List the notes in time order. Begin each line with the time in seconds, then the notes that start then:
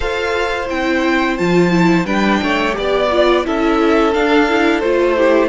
0.00 F4 A4 C5 F5
0.69 C4 E4 G5
1.37 F3 F4 A5
1.70 E4
2.05 G3 D4 B4 G5
2.43 A3 C#5
2.72 B3 G4 D5
2.80 D5
3.11 F4
3.44 C#4 E4 A4 E5
4.12 D4 F5
4.48 E4
4.80 A3 F4 C5
5.17 E4 G4